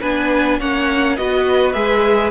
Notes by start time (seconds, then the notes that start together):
0.00 B3 D4 B4 G#5
0.59 A#3 C#4 C#5 F#5
1.17 B3 F#4 B4 D#5
1.72 G#3 G#4 E5